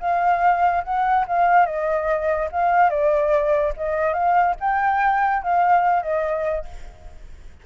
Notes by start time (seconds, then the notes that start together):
0.00 F5
0.84 F#5
1.27 F5
1.66 D#5
2.52 F5
2.90 D5
3.77 D#5
4.13 F5
4.60 G5
5.43 F5
6.02 D#5